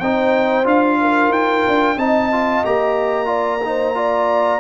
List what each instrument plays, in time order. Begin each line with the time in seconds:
0.00 tuba C4, trombone D#4, horn C5, trumpet G5
0.64 tuba D4, trombone F4, trumpet F5
1.02 horn A#4
1.30 tuba D#4, trumpet G5
1.68 tuba D4
1.97 tuba C4, trombone D#4, horn D#5, trumpet A5
2.32 trombone F4
2.65 tuba A#3, trombone G4, trumpet A#5
3.26 trombone F4, horn D5
3.65 trombone D#4, horn C5
3.95 trombone F4, horn D5